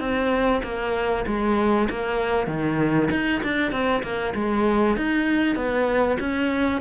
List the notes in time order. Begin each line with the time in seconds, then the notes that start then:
0.00 C4
0.64 A#3
1.27 G#3
1.90 A#3
2.47 D#3
3.11 D#4
3.43 D4
3.72 C4
4.03 A#3
4.35 G#3
4.97 D#4
5.56 B3
6.20 C#4